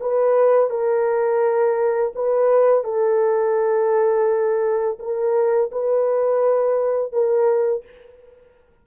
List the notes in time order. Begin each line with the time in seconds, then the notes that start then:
0.00 B4
0.69 A#4
2.15 B4
2.84 A4
4.99 A#4
5.71 B4
7.12 A#4